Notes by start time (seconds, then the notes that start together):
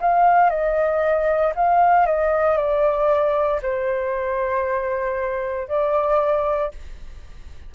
0.00 F5
0.49 D#5
1.55 F5
2.06 D#5
2.57 D5
3.62 C5
5.68 D5